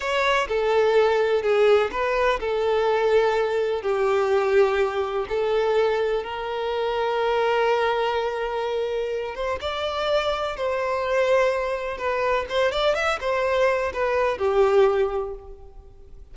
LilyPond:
\new Staff \with { instrumentName = "violin" } { \time 4/4 \tempo 4 = 125 cis''4 a'2 gis'4 | b'4 a'2. | g'2. a'4~ | a'4 ais'2.~ |
ais'2.~ ais'8 c''8 | d''2 c''2~ | c''4 b'4 c''8 d''8 e''8 c''8~ | c''4 b'4 g'2 | }